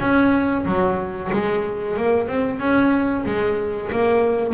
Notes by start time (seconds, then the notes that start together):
0.00 C#4
0.66 F#3
1.33 G#3
1.97 A#3
2.28 C4
2.60 C#4
3.26 G#3
3.92 A#3